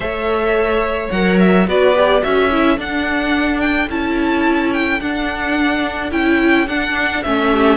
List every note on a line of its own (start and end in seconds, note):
0.00 1.08 A3
0.00 1.11 A4
0.00 1.67 C#5
0.00 1.10 E5
1.10 1.67 F#3
1.10 1.66 A#4
1.10 1.38 F#5
1.39 1.67 E5
1.66 2.22 B3
1.66 1.94 F#4
1.66 2.24 B4
1.66 2.23 D5
1.95 2.22 G4
2.22 2.77 C#4
2.22 2.50 F#4
2.22 7.51 A4
2.22 2.78 E5
2.51 2.78 E4
2.77 3.88 D4
2.77 3.89 D4
2.77 3.60 F#5
3.60 3.88 G5
3.88 4.99 C#4
3.88 5.00 E4
3.88 4.73 A5
4.73 5.00 G5
5.00 6.11 D4
5.00 6.11 F#5
6.11 6.67 C#4
6.11 6.66 E4
6.11 6.67 G5
6.67 7.22 D4
6.67 7.24 D4
6.67 7.22 F#5
7.22 7.76 A3
7.22 7.76 C#4
7.22 7.76 E5
7.51 7.76 G4